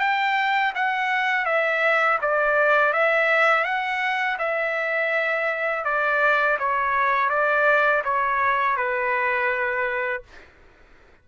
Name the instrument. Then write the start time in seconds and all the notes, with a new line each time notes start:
trumpet
0.00 G5
0.75 F#5
1.46 E5
2.22 D5
2.93 E5
3.65 F#5
4.39 E5
5.85 D5
6.59 C#5
7.30 D5
8.05 C#5
8.77 B4